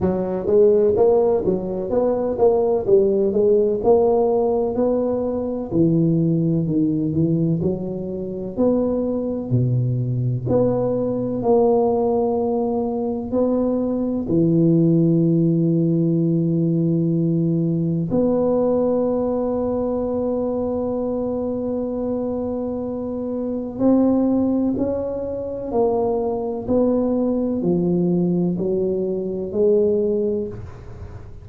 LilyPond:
\new Staff \with { instrumentName = "tuba" } { \time 4/4 \tempo 4 = 63 fis8 gis8 ais8 fis8 b8 ais8 g8 gis8 | ais4 b4 e4 dis8 e8 | fis4 b4 b,4 b4 | ais2 b4 e4~ |
e2. b4~ | b1~ | b4 c'4 cis'4 ais4 | b4 f4 fis4 gis4 | }